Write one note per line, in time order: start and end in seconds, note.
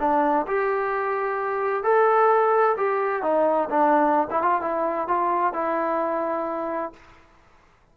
0.00 0.47 D4
0.47 1.84 G4
1.84 2.77 A4
2.77 3.23 G4
3.23 3.69 D#4
3.70 4.28 D4
4.31 4.43 E4
4.43 4.62 F4
4.62 5.08 E4
5.08 5.54 F4
5.54 6.93 E4